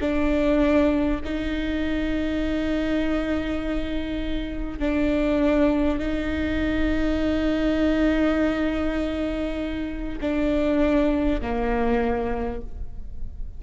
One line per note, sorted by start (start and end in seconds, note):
0.00 1.20 D4
1.24 4.79 D#4
4.79 5.98 D4
5.98 10.18 D#4
10.21 11.41 D4
11.41 12.61 A#3